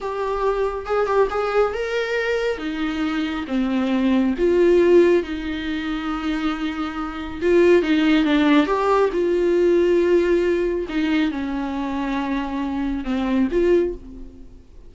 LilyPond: \new Staff \with { instrumentName = "viola" } { \time 4/4 \tempo 4 = 138 g'2 gis'8 g'8 gis'4 | ais'2 dis'2 | c'2 f'2 | dis'1~ |
dis'4 f'4 dis'4 d'4 | g'4 f'2.~ | f'4 dis'4 cis'2~ | cis'2 c'4 f'4 | }